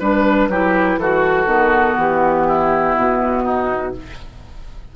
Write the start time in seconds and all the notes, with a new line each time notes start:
0.00 G3 D4 B4
0.49 F#3 E4 G4
0.98 E3 F#4 A4
1.46 D#3 B3
1.97 E3 G4
2.48 E4
2.97 B2 F#4
3.44 D#4